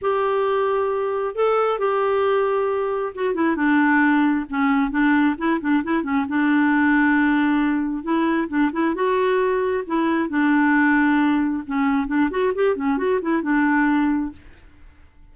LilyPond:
\new Staff \with { instrumentName = "clarinet" } { \time 4/4 \tempo 4 = 134 g'2. a'4 | g'2. fis'8 e'8 | d'2 cis'4 d'4 | e'8 d'8 e'8 cis'8 d'2~ |
d'2 e'4 d'8 e'8 | fis'2 e'4 d'4~ | d'2 cis'4 d'8 fis'8 | g'8 cis'8 fis'8 e'8 d'2 | }